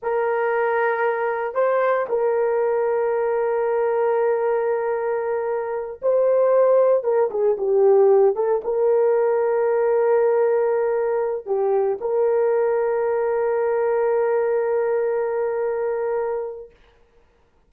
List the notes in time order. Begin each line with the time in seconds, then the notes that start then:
0.02 A#4
1.54 C5
2.09 A#4
6.02 C5
7.03 A#4
7.30 G#4
7.57 G4
8.35 A4
8.63 A#4
11.45 G4
12.00 A#4